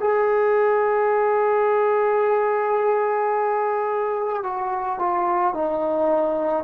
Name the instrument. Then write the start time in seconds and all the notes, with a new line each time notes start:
trombone
0.00 G#4
4.43 F#4
4.99 F4
5.55 D#4